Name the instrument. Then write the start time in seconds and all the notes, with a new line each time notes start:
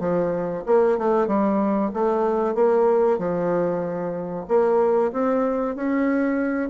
bassoon
0.00 F3
0.66 A#3
0.98 A3
1.28 G3
1.94 A3
2.55 A#3
3.19 F3
4.48 A#3
5.13 C4
5.76 C#4